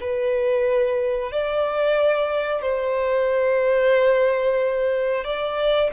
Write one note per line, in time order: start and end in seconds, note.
0.00 1.31 B4
1.31 2.61 D5
2.61 5.24 C5
5.24 5.90 D5